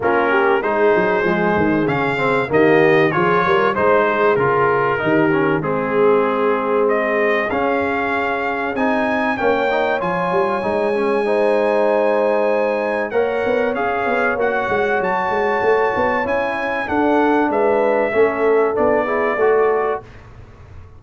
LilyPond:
<<
  \new Staff \with { instrumentName = "trumpet" } { \time 4/4 \tempo 4 = 96 ais'4 c''2 f''4 | dis''4 cis''4 c''4 ais'4~ | ais'4 gis'2 dis''4 | f''2 gis''4 g''4 |
gis''1~ | gis''4 fis''4 f''4 fis''4 | a''2 gis''4 fis''4 | e''2 d''2 | }
  \new Staff \with { instrumentName = "horn" } { \time 4/4 f'8 g'8 gis'2. | g'4 gis'8 ais'8 c''8 gis'4. | g'4 gis'2.~ | gis'2. cis''4~ |
cis''2 c''2~ | c''4 cis''2.~ | cis''2. a'4 | b'4 a'4. gis'8 a'4 | }
  \new Staff \with { instrumentName = "trombone" } { \time 4/4 cis'4 dis'4 gis4 cis'8 c'8 | ais4 f'4 dis'4 f'4 | dis'8 cis'8 c'2. | cis'2 dis'4 cis'8 dis'8 |
f'4 dis'8 cis'8 dis'2~ | dis'4 ais'4 gis'4 fis'4~ | fis'2 e'4 d'4~ | d'4 cis'4 d'8 e'8 fis'4 | }
  \new Staff \with { instrumentName = "tuba" } { \time 4/4 ais4 gis8 fis8 f8 dis8 cis4 | dis4 f8 g8 gis4 cis4 | dis4 gis2. | cis'2 c'4 ais4 |
f8 g8 gis2.~ | gis4 ais8 b8 cis'8 b8 ais8 gis8 | fis8 gis8 a8 b8 cis'4 d'4 | gis4 a4 b4 a4 | }
>>